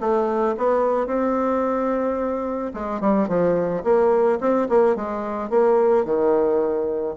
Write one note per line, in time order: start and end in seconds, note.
0.00 0.55 A3
0.57 1.06 B3
1.06 2.71 C4
2.73 3.01 G#3
3.01 3.28 G3
3.28 3.83 F3
3.84 4.38 A#3
4.40 4.68 C4
4.69 4.95 A#3
4.95 5.50 G#3
5.50 6.05 A#3
6.05 7.15 D#3